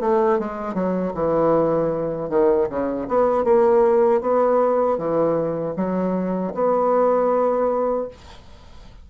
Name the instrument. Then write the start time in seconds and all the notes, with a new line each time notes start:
bassoon
0.00 A3
0.39 G#3
0.74 F#3
1.14 E3
2.29 D#3
2.69 C#3
3.08 B3
3.44 A#3
4.21 B3
4.97 E3
5.76 F#3
6.54 B3